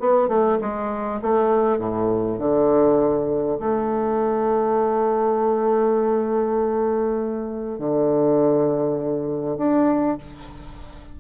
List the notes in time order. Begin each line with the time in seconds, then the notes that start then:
0.00 B3
0.28 A3
0.61 G#3
1.22 A3
1.79 A2
2.39 D3
3.60 A3
7.79 D3
9.58 D4